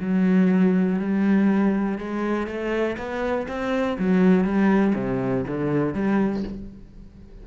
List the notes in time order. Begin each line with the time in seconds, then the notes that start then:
0.00 F#3
0.99 G3
1.98 G#3
2.47 A3
2.97 B3
3.48 C4
3.98 F#3
4.44 G3
4.95 C3
5.47 D3
5.94 G3